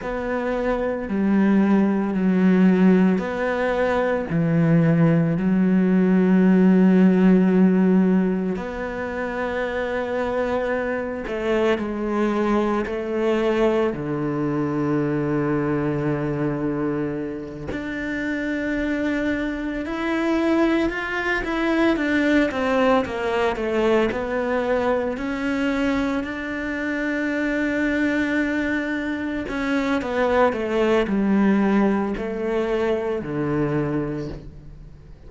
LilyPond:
\new Staff \with { instrumentName = "cello" } { \time 4/4 \tempo 4 = 56 b4 g4 fis4 b4 | e4 fis2. | b2~ b8 a8 gis4 | a4 d2.~ |
d8 d'2 e'4 f'8 | e'8 d'8 c'8 ais8 a8 b4 cis'8~ | cis'8 d'2. cis'8 | b8 a8 g4 a4 d4 | }